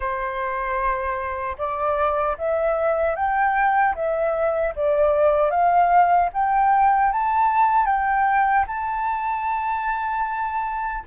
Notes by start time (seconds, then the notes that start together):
0.00 C5
1.58 D5
2.38 E5
3.15 G5
3.95 E5
4.75 D5
5.50 F5
6.33 G5
7.12 A5
7.86 G5
8.67 A5